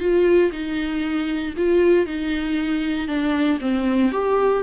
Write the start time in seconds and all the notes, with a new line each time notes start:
0.00 F4
0.52 D#4
1.57 F4
2.07 D#4
3.08 D4
3.61 C4
4.12 G4